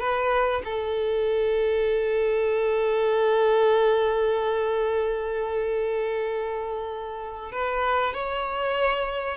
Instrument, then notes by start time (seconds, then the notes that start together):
violin
0.00 B4
0.65 A4
7.53 B4
8.14 C#5